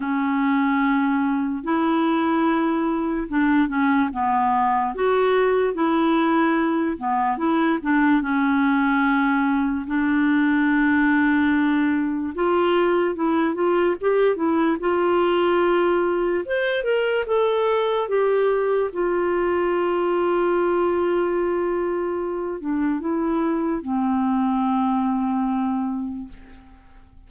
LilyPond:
\new Staff \with { instrumentName = "clarinet" } { \time 4/4 \tempo 4 = 73 cis'2 e'2 | d'8 cis'8 b4 fis'4 e'4~ | e'8 b8 e'8 d'8 cis'2 | d'2. f'4 |
e'8 f'8 g'8 e'8 f'2 | c''8 ais'8 a'4 g'4 f'4~ | f'2.~ f'8 d'8 | e'4 c'2. | }